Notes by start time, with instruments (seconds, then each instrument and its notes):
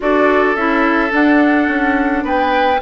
0.00 bassoon D4, clarinet F#4, oboe A4, flute D5
0.55 bassoon C#4, clarinet E4, flute E5
1.09 clarinet D4, bassoon D4, flute F#5
1.68 bassoon C#4
2.23 bassoon B3, oboe B4, flute G5